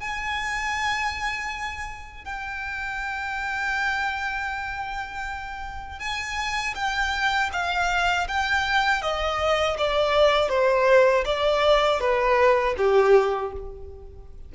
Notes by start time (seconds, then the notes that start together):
0.00 G#5
2.25 G5
6.00 G#5
6.75 G5
7.53 F5
8.28 G5
9.02 D#5
9.78 D5
10.49 C5
11.25 D5
12.00 B4
12.78 G4